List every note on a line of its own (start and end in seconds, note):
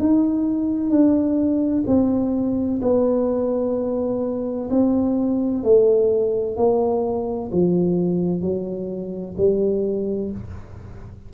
0.00 0.90 D#4
0.90 1.84 D4
1.87 2.80 C4
2.82 4.69 B3
4.70 5.63 C4
5.63 6.56 A3
6.56 7.50 A#3
7.52 8.42 F3
8.42 9.35 F#3
9.37 10.31 G3